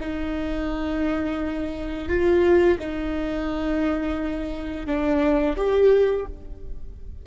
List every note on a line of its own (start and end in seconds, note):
0.00 2.08 D#4
2.08 2.78 F4
2.79 4.86 D#4
4.86 5.56 D4
5.56 6.26 G4